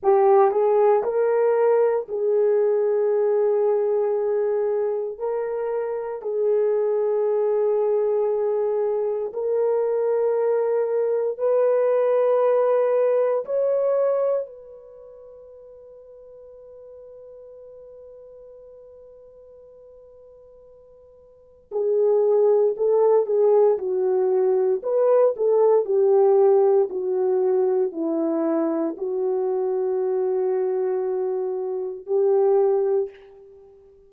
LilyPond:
\new Staff \with { instrumentName = "horn" } { \time 4/4 \tempo 4 = 58 g'8 gis'8 ais'4 gis'2~ | gis'4 ais'4 gis'2~ | gis'4 ais'2 b'4~ | b'4 cis''4 b'2~ |
b'1~ | b'4 gis'4 a'8 gis'8 fis'4 | b'8 a'8 g'4 fis'4 e'4 | fis'2. g'4 | }